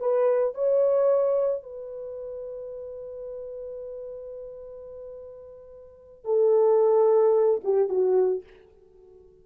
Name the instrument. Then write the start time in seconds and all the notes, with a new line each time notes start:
horn
0.00 B4
0.55 C#5
1.63 B4
6.25 A4
7.64 G4
7.89 F#4